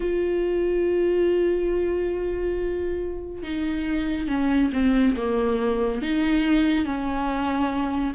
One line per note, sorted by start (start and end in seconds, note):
0.00 3.42 F4
3.42 4.27 D#4
4.27 4.70 C#4
4.73 5.15 C4
5.16 6.02 A#3
6.02 6.85 D#4
6.85 8.13 C#4